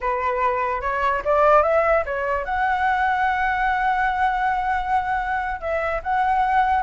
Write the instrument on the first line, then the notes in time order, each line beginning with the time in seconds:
flute
0.01 B4
0.81 C#5
1.24 D5
1.63 E5
2.05 C#5
2.45 F#5
5.60 E5
6.03 F#5